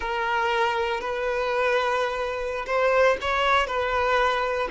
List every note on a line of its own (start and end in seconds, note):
0.00 1.00 A#4
1.00 2.65 B4
2.66 3.17 C5
3.21 3.66 C#5
3.66 4.68 B4